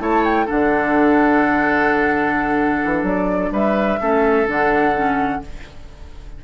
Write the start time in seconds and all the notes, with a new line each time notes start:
0.00 A3 E4 C#5 A5
0.25 G5
0.46 D3 D4 A4 F#5
2.85 E3
3.03 F#3 D5
3.52 G3 B4 E5
4.01 A3 C#4 A4
4.47 D3 D4 F#5
4.95 C#4